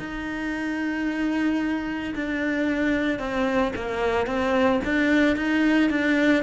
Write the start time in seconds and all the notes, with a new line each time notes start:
0.00 D#4
2.15 D4
3.19 C4
3.76 A#3
4.27 C4
4.85 D4
5.37 D#4
5.90 D4